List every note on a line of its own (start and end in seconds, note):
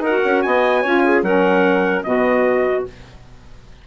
0.00 0.20 D#4
0.00 0.44 A#4
0.00 0.42 F#5
0.07 0.85 F#4
0.25 0.45 C#4
0.42 0.85 B3
0.42 0.82 D#5
0.42 1.23 G#5
0.82 1.23 C#4
0.82 1.25 F4
0.82 1.02 C#5
1.05 1.25 G#4
1.23 2.03 F#3
1.23 2.05 C#4
1.23 2.05 A#4
1.23 2.04 F#5
2.04 2.86 B2
2.04 2.85 B3
2.04 2.88 F#4
2.04 2.84 D#5